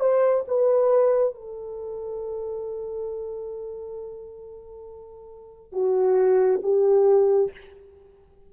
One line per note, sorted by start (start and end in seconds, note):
0.00 0.44 C5
0.48 1.34 B4
1.34 5.72 A4
5.72 6.61 F#4
6.63 7.51 G4